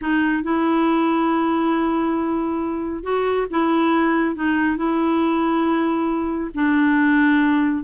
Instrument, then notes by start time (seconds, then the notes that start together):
clarinet
0.01 D#4
0.43 E4
3.03 F#4
3.50 E4
4.35 D#4
4.76 E4
6.54 D4